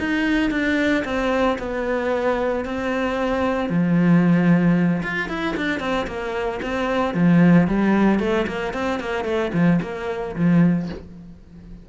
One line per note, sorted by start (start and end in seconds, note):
0.00 0.51 D#4
0.51 1.04 D4
1.05 1.58 C4
1.59 2.65 B3
2.66 3.70 C4
3.70 5.03 F3
5.03 5.30 F4
5.30 5.56 E4
5.57 5.80 D4
5.80 6.07 C4
6.07 6.61 A#3
6.63 7.15 C4
7.15 7.68 F3
7.68 8.20 G3
8.20 8.47 A3
8.47 8.74 A#3
8.74 9.00 C4
9.00 9.25 A#3
9.25 9.52 A3
9.54 9.80 F3
9.83 10.36 A#3
10.36 10.89 F3